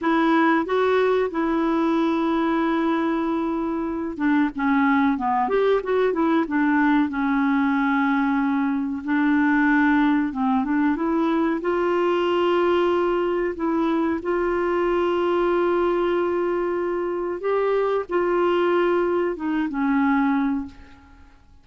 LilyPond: \new Staff \with { instrumentName = "clarinet" } { \time 4/4 \tempo 4 = 93 e'4 fis'4 e'2~ | e'2~ e'8 d'8 cis'4 | b8 g'8 fis'8 e'8 d'4 cis'4~ | cis'2 d'2 |
c'8 d'8 e'4 f'2~ | f'4 e'4 f'2~ | f'2. g'4 | f'2 dis'8 cis'4. | }